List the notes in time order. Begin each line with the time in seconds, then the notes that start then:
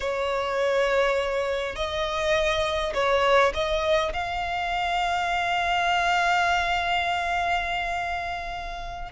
0.00 C#5
1.75 D#5
2.94 C#5
3.54 D#5
4.13 F5